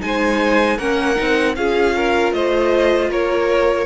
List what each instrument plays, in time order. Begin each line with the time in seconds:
0.00 cello G#3, viola D#4, violin C5 G#5
0.77 cello A#3, viola C#4, violin A#4 F#5
1.16 cello C4, viola D#4
1.56 cello C#4, viola F4, violin G#4 F5
1.96 violin A#4
2.32 cello A3, violin C5 D#5
3.09 cello A#3, violin A#4 C#5